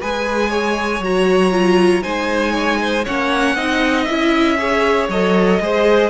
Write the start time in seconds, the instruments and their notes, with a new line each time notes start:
0.00 cello G#3, viola G#4, violin B4 G#5
0.50 violin C#5
1.00 cello F#3, viola F#4, violin A#5
1.51 viola F4
2.02 cello G#3, viola D#4, violin C5 G#5
2.52 violin C#5
2.81 violin C5
3.04 cello A#3, viola C#4, violin C#5 F#5
3.55 cello C4, viola D#4, violin D#5
4.04 cello C#4, viola E4, violin E5
4.58 viola G#4, violin C#5
5.08 cello F#3, viola A4, violin D#5
5.60 cello G#3, viola G#4, violin C5